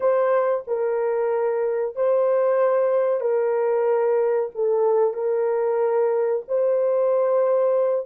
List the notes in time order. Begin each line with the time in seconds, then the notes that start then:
0.00 C5
0.67 A#4
1.95 C5
3.20 A#4
4.54 A4
5.13 A#4
6.48 C5